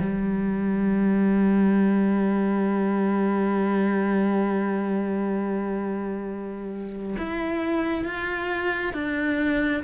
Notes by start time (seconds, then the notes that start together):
0.00 G3
7.18 E4
8.05 F4
8.93 D4